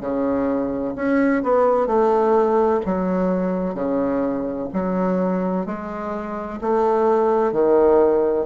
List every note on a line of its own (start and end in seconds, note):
0.00 0.94 C#3
0.95 1.42 C#4
1.43 1.86 B3
1.86 2.80 A3
2.85 3.74 F#3
3.74 4.68 C#3
4.73 5.65 F#3
5.65 6.59 G#3
6.61 7.52 A3
7.52 8.45 D#3